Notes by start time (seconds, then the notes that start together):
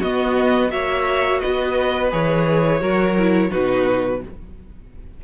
0.00 B3 F#4 D#5
0.69 A#3 F#4 C#5 E5
1.40 B3 B4 D#5
2.10 E3 G#4 C#5
2.80 F#3 F#4 A#4
3.18 E4
3.50 B2 D#4 F#4 B4